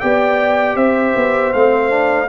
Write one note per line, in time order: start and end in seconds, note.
0.00 0.75 B3
0.00 1.55 G4
0.00 0.77 D5
0.00 0.76 G5
0.75 1.14 C4
0.75 2.29 C5
0.75 1.53 E5
1.16 1.54 B3
1.53 2.29 A3
1.53 1.90 C4
1.53 2.29 F5
1.90 2.28 D4